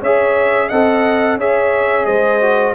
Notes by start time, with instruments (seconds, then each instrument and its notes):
0.00 tuba C#4, trombone G#4, horn C#5, trumpet E5
0.68 tuba C4, trombone A4, horn D#5, trumpet F#5
1.36 tuba C#4, trombone G#4, horn C#5, trumpet E5
2.05 tuba G#3, horn C5, trumpet D#5
2.41 trombone F#4